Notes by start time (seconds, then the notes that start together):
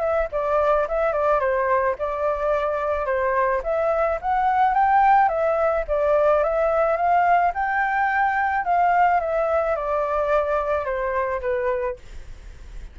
0.00 E5
0.32 D5
0.88 E5
1.13 D5
1.40 C5
1.99 D5
3.06 C5
3.63 E5
4.21 F#5
4.74 G5
5.29 E5
5.88 D5
6.43 E5
6.97 F5
7.54 G5
8.65 F5
9.20 E5
9.76 D5
10.85 C5
11.41 B4